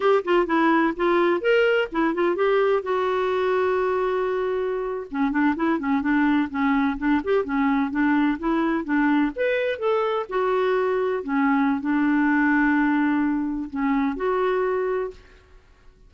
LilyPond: \new Staff \with { instrumentName = "clarinet" } { \time 4/4 \tempo 4 = 127 g'8 f'8 e'4 f'4 ais'4 | e'8 f'8 g'4 fis'2~ | fis'2~ fis'8. cis'8 d'8 e'16~ | e'16 cis'8 d'4 cis'4 d'8 g'8 cis'16~ |
cis'8. d'4 e'4 d'4 b'16~ | b'8. a'4 fis'2 cis'16~ | cis'4 d'2.~ | d'4 cis'4 fis'2 | }